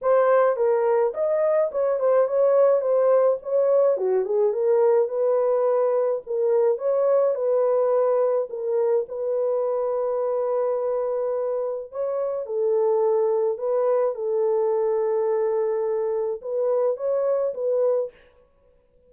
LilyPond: \new Staff \with { instrumentName = "horn" } { \time 4/4 \tempo 4 = 106 c''4 ais'4 dis''4 cis''8 c''8 | cis''4 c''4 cis''4 fis'8 gis'8 | ais'4 b'2 ais'4 | cis''4 b'2 ais'4 |
b'1~ | b'4 cis''4 a'2 | b'4 a'2.~ | a'4 b'4 cis''4 b'4 | }